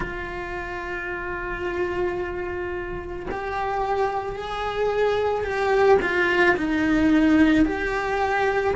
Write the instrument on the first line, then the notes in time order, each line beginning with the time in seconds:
cello
0.00 F4
3.30 G4
4.36 G#4
5.43 G4
6.01 F4
6.57 D#4
7.65 G4